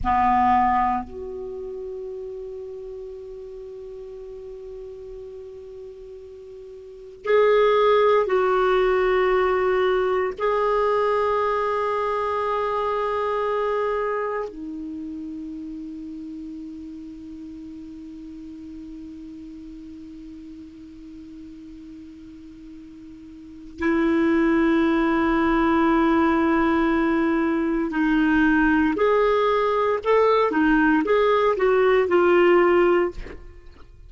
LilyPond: \new Staff \with { instrumentName = "clarinet" } { \time 4/4 \tempo 4 = 58 b4 fis'2.~ | fis'2. gis'4 | fis'2 gis'2~ | gis'2 dis'2~ |
dis'1~ | dis'2. e'4~ | e'2. dis'4 | gis'4 a'8 dis'8 gis'8 fis'8 f'4 | }